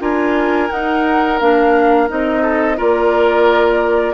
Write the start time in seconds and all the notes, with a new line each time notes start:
0.00 D4 F4 A#4 G#5
0.70 D#4 F#5
1.40 A#3 D4 F5
2.09 C4 D#4 D#5
2.42 A4
2.77 A#3 F4 A#4 D5